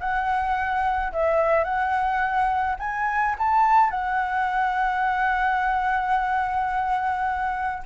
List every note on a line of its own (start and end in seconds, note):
0.00 1.12 F#5
1.12 1.64 E5
1.64 2.76 F#5
2.79 3.35 G#5
3.38 3.90 A5
3.90 7.83 F#5